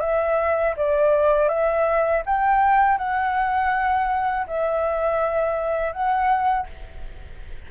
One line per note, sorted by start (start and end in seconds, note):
0.00 0.74 E5
0.76 1.48 D5
1.48 2.22 E5
2.25 2.97 G5
2.97 4.45 F#5
4.47 5.92 E5
5.92 6.66 F#5